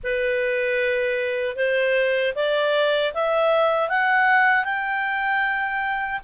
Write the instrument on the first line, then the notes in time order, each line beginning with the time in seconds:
clarinet
0.03 B4
1.56 C5
2.35 D5
3.13 E5
3.89 F#5
4.64 G5